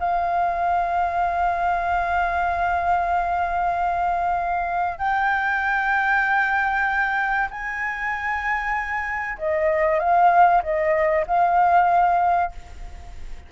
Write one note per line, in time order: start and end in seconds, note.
0.00 4.99 F5
4.99 7.49 G5
7.51 9.38 G#5
9.38 9.99 D#5
9.99 10.62 F5
10.63 11.26 D#5
11.27 12.52 F5